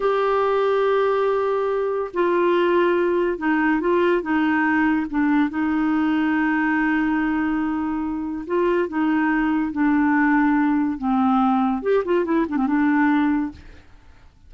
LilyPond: \new Staff \with { instrumentName = "clarinet" } { \time 4/4 \tempo 4 = 142 g'1~ | g'4 f'2. | dis'4 f'4 dis'2 | d'4 dis'2.~ |
dis'1 | f'4 dis'2 d'4~ | d'2 c'2 | g'8 f'8 e'8 d'16 c'16 d'2 | }